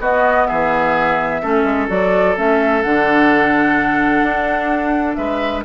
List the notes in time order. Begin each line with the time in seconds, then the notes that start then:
0.00 B3 F#4 D#5
0.47 E3 G#4 E5
1.42 A3 C#4 A4
1.64 G#3
1.89 F#3 F#4 D5
2.36 A3 C#4 E5
2.82 D3 D4 F#5
4.22 D4
5.15 G#3 B4 E5